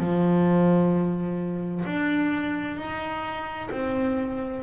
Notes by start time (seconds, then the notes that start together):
0.00 F3
1.85 D4
2.77 D#4
3.71 C4